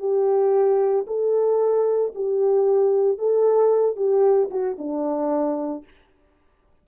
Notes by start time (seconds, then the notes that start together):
0.00 G4
1.07 A4
2.16 G4
3.19 A4
3.97 G4
4.51 F#4
4.79 D4